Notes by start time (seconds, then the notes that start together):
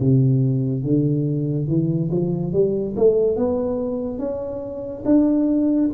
0.00 C3
0.84 D3
1.68 E3
2.11 F3
2.53 G3
2.97 A3
3.37 B3
4.19 C#4
5.06 D4